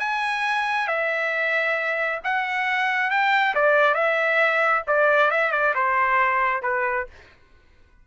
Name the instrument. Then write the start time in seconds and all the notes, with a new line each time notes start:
trumpet
0.00 G#5
0.88 E5
2.24 F#5
3.11 G5
3.55 D5
3.95 E5
4.88 D5
5.31 E5
5.52 D5
5.75 C5
6.63 B4